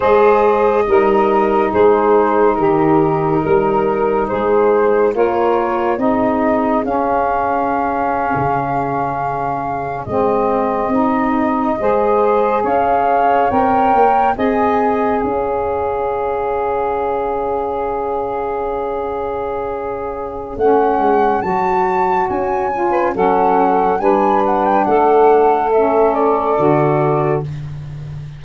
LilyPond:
<<
  \new Staff \with { instrumentName = "flute" } { \time 4/4 \tempo 4 = 70 dis''2 c''4 ais'4~ | ais'4 c''4 cis''4 dis''4 | f''2.~ f''8. dis''16~ | dis''2~ dis''8. f''4 g''16~ |
g''8. gis''4 f''2~ f''16~ | f''1 | fis''4 a''4 gis''4 fis''4 | gis''8 fis''16 g''16 fis''4 e''8 d''4. | }
  \new Staff \with { instrumentName = "saxophone" } { \time 4/4 c''4 ais'4 gis'4 g'4 | ais'4 gis'4 ais'4 gis'4~ | gis'1~ | gis'4.~ gis'16 c''4 cis''4~ cis''16~ |
cis''8. dis''4 cis''2~ cis''16~ | cis''1~ | cis''2~ cis''8. b'16 a'4 | b'4 a'2. | }
  \new Staff \with { instrumentName = "saxophone" } { \time 4/4 gis'4 dis'2.~ | dis'2 f'4 dis'4 | cis'2.~ cis'8. c'16~ | c'8. dis'4 gis'2 ais'16~ |
ais'8. gis'2.~ gis'16~ | gis'1 | cis'4 fis'4. f'8 cis'4 | d'2 cis'4 fis'4 | }
  \new Staff \with { instrumentName = "tuba" } { \time 4/4 gis4 g4 gis4 dis4 | g4 gis4 ais4 c'4 | cis'4.~ cis'16 cis2 gis16~ | gis8. c'4 gis4 cis'4 c'16~ |
c'16 ais8 c'4 cis'2~ cis'16~ | cis'1 | a8 gis8 fis4 cis'4 fis4 | g4 a2 d4 | }
>>